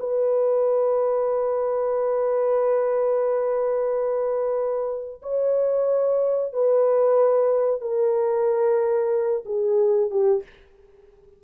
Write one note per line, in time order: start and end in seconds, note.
0.00 5.22 B4
5.23 6.53 C#5
6.53 7.81 B4
7.81 9.44 A#4
9.46 10.11 G#4
10.11 10.43 G4